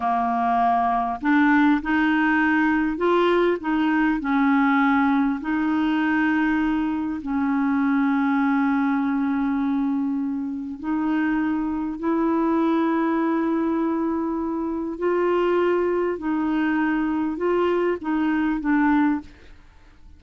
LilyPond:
\new Staff \with { instrumentName = "clarinet" } { \time 4/4 \tempo 4 = 100 ais2 d'4 dis'4~ | dis'4 f'4 dis'4 cis'4~ | cis'4 dis'2. | cis'1~ |
cis'2 dis'2 | e'1~ | e'4 f'2 dis'4~ | dis'4 f'4 dis'4 d'4 | }